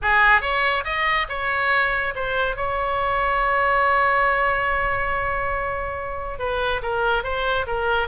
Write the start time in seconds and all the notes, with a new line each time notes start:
0.02 G#4
0.41 C#5
0.84 D#5
1.28 C#5
2.15 C5
2.56 C#5
6.38 B4
6.82 A#4
7.23 C5
7.67 A#4